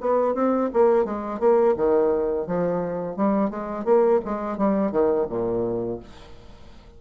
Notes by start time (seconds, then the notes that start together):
0.00 B3
0.34 C4
0.73 A#3
1.05 G#3
1.40 A#3
1.76 D#3
2.47 F3
3.16 G3
3.50 G#3
3.85 A#3
4.24 G#3
4.58 G3
4.91 D#3
5.29 A#2